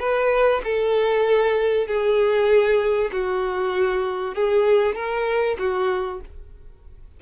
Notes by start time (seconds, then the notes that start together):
0.00 B4
0.65 A4
1.88 G#4
3.12 F#4
4.36 G#4
4.95 A#4
5.59 F#4